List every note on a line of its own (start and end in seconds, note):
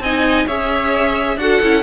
0.00 0.46 C4
0.00 0.48 D#4
0.00 0.47 D#5
0.00 0.48 G#5
0.47 1.37 C#4
0.47 1.39 G#4
0.47 1.38 C#5
0.47 1.39 E5
1.37 1.60 D4
1.37 1.62 F#4
1.37 1.83 A4
1.37 1.83 F#5
1.62 1.83 C#4
1.62 1.83 E4